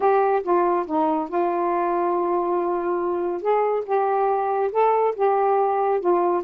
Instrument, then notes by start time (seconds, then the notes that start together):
saxophone
0.00 G4
0.43 F4
0.86 D#4
1.28 F4
3.41 G#4
3.85 G4
4.71 A4
5.15 G4
6.00 F4